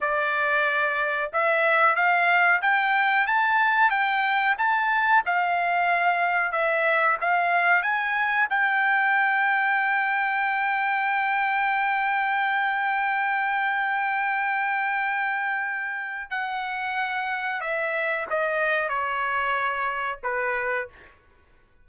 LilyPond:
\new Staff \with { instrumentName = "trumpet" } { \time 4/4 \tempo 4 = 92 d''2 e''4 f''4 | g''4 a''4 g''4 a''4 | f''2 e''4 f''4 | gis''4 g''2.~ |
g''1~ | g''1~ | g''4 fis''2 e''4 | dis''4 cis''2 b'4 | }